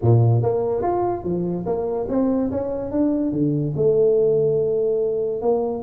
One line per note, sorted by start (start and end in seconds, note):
0.02 0.42 A#2
0.42 0.81 A#3
0.81 1.23 F4
1.23 1.65 F3
1.66 2.07 A#3
2.09 2.50 C4
2.51 2.91 C#4
2.91 3.32 D4
3.32 3.73 D3
3.76 5.41 A3
5.41 5.83 A#3